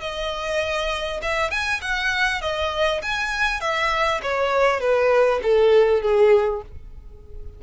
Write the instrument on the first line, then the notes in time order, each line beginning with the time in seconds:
violin
0.00 D#5
1.22 E5
1.51 G#5
1.81 F#5
2.41 D#5
3.02 G#5
3.61 E5
4.22 C#5
4.80 B4
5.42 A4
6.01 G#4